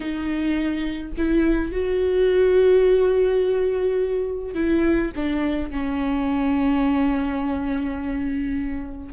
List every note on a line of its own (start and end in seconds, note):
0.00 1.12 D#4
1.17 1.71 E4
1.71 4.54 F#4
4.54 5.11 E4
5.15 5.70 D4
5.70 9.13 C#4